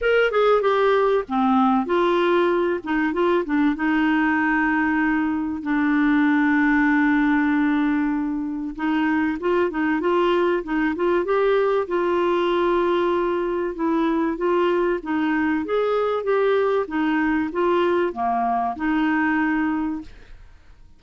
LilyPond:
\new Staff \with { instrumentName = "clarinet" } { \time 4/4 \tempo 4 = 96 ais'8 gis'8 g'4 c'4 f'4~ | f'8 dis'8 f'8 d'8 dis'2~ | dis'4 d'2.~ | d'2 dis'4 f'8 dis'8 |
f'4 dis'8 f'8 g'4 f'4~ | f'2 e'4 f'4 | dis'4 gis'4 g'4 dis'4 | f'4 ais4 dis'2 | }